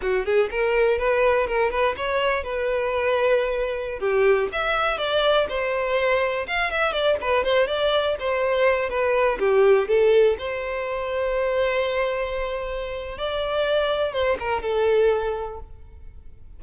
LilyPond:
\new Staff \with { instrumentName = "violin" } { \time 4/4 \tempo 4 = 123 fis'8 gis'8 ais'4 b'4 ais'8 b'8 | cis''4 b'2.~ | b'16 g'4 e''4 d''4 c''8.~ | c''4~ c''16 f''8 e''8 d''8 b'8 c''8 d''16~ |
d''8. c''4. b'4 g'8.~ | g'16 a'4 c''2~ c''8.~ | c''2. d''4~ | d''4 c''8 ais'8 a'2 | }